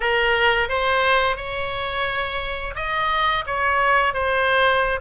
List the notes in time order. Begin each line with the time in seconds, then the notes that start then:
0.00 A#4
0.68 C5
1.36 C#5
2.75 D#5
3.46 C#5
4.13 C5